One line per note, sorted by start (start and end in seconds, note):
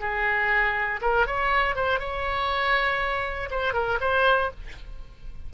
0.00 1.00 G#4
1.01 1.26 A#4
1.26 1.75 C#5
1.75 1.99 C5
1.99 3.49 C#5
3.50 3.73 C5
3.73 3.98 A#4
4.00 4.50 C5